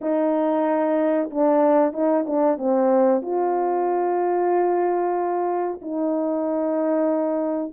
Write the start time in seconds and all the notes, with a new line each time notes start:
0.01 D#4
1.30 D4
1.92 D#4
2.26 D4
2.57 C4
3.21 F4
5.81 D#4